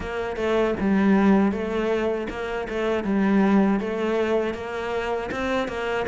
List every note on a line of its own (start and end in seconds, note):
0.00 0.36 A#3
0.36 0.74 A3
0.79 1.52 G3
1.52 2.28 A3
2.29 2.67 A#3
2.69 3.04 A3
3.04 3.80 G3
3.80 4.54 A3
4.54 5.30 A#3
5.31 5.68 C4
5.68 6.06 A#3